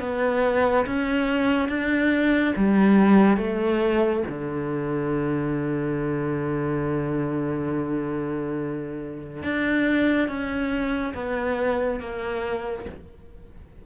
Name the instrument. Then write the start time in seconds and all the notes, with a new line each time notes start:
cello
0.00 B3
0.86 C#4
1.68 D4
2.56 G3
3.37 A3
4.29 D3
9.43 D4
10.28 C#4
11.14 B3
12.00 A#3